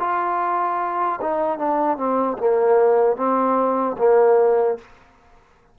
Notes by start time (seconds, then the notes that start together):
0.00 F4
1.21 D#4
1.59 D4
1.97 C4
2.38 A#3
3.17 C4
3.98 A#3